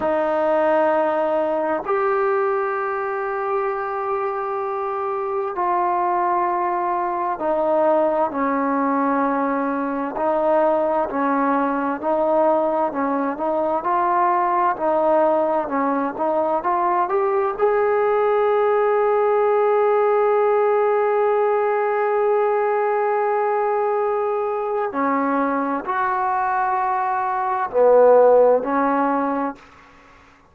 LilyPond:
\new Staff \with { instrumentName = "trombone" } { \time 4/4 \tempo 4 = 65 dis'2 g'2~ | g'2 f'2 | dis'4 cis'2 dis'4 | cis'4 dis'4 cis'8 dis'8 f'4 |
dis'4 cis'8 dis'8 f'8 g'8 gis'4~ | gis'1~ | gis'2. cis'4 | fis'2 b4 cis'4 | }